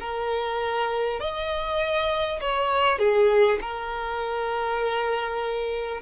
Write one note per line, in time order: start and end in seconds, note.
0.00 1.20 A#4
1.20 2.40 D#5
2.41 2.99 C#5
2.99 3.59 G#4
3.62 6.02 A#4